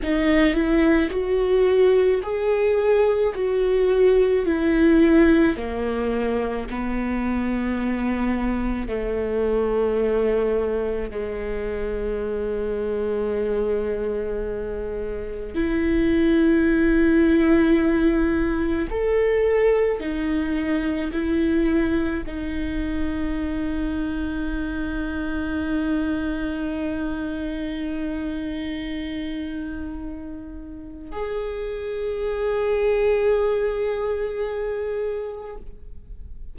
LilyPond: \new Staff \with { instrumentName = "viola" } { \time 4/4 \tempo 4 = 54 dis'8 e'8 fis'4 gis'4 fis'4 | e'4 ais4 b2 | a2 gis2~ | gis2 e'2~ |
e'4 a'4 dis'4 e'4 | dis'1~ | dis'1 | gis'1 | }